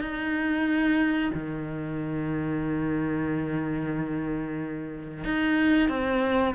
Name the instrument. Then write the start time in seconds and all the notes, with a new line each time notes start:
cello
0.00 D#4
1.33 D#3
5.24 D#4
5.88 C4